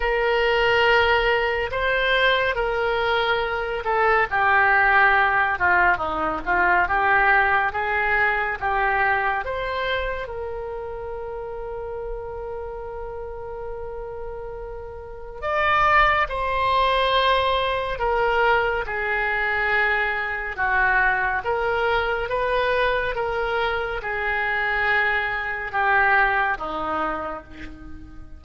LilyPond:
\new Staff \with { instrumentName = "oboe" } { \time 4/4 \tempo 4 = 70 ais'2 c''4 ais'4~ | ais'8 a'8 g'4. f'8 dis'8 f'8 | g'4 gis'4 g'4 c''4 | ais'1~ |
ais'2 d''4 c''4~ | c''4 ais'4 gis'2 | fis'4 ais'4 b'4 ais'4 | gis'2 g'4 dis'4 | }